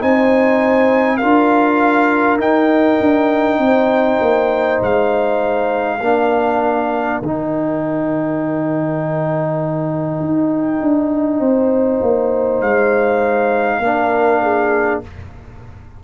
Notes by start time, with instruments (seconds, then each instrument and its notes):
0.00 tuba C4, trombone D#4, horn C5, trumpet G#5
1.17 tuba D4, trombone F4, horn A#4, trumpet F5
2.39 tuba D#4, trombone D#4, trumpet G5
3.00 tuba D4
3.58 tuba C4
3.65 horn C5
4.21 tuba A#3
4.82 tuba G#3, trumpet F5
5.99 tuba A#3, trombone D4, horn A#4
7.21 tuba D#3, trombone D#4, trumpet G5
10.20 tuba D#4
10.80 tuba D4
11.39 tuba C4, horn C5
12.02 tuba A#3
12.61 tuba G#3, trumpet F5
13.79 tuba A#3, trombone D4, horn A#4
14.42 horn G#4